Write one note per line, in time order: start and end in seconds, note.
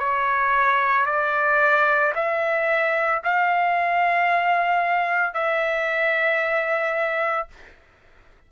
0.00 1.07 C#5
1.07 2.14 D5
2.15 3.22 E5
3.24 5.34 F5
5.34 7.49 E5